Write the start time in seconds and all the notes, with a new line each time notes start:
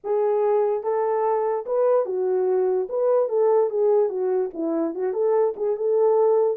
0.04 G#4
0.83 A4
1.66 B4
2.05 F#4
2.89 B4
3.28 A4
3.70 G#4
4.09 F#4
4.53 E4
4.94 F#4
5.13 A4
5.56 G#4
5.76 A4